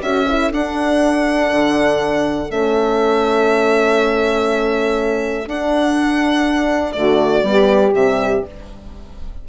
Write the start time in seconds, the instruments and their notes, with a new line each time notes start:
0.00 bassoon C#4, horn F#4, saxophone A4, violin E5
0.29 horn E4
0.52 horn D4, bassoon D4, violin F#5
1.52 bassoon D3
2.50 bassoon A3, horn C#4, violin E5
5.47 bassoon D4, horn D4, violin F#5
6.93 bassoon D3, horn A3, saxophone F#4, violin D5
7.43 bassoon G3, horn B3
7.50 saxophone G4
7.94 bassoon C3, horn G3, violin E5